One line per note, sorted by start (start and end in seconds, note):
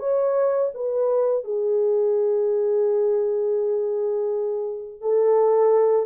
0.00 0.71 C#5
0.74 1.44 B4
1.44 5.02 G#4
5.02 6.07 A4